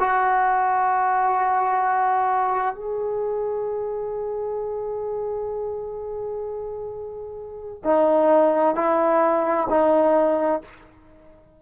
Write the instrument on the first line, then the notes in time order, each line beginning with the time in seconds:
trombone
0.00 F#4
2.75 G#4
7.84 D#4
8.76 E4
9.70 D#4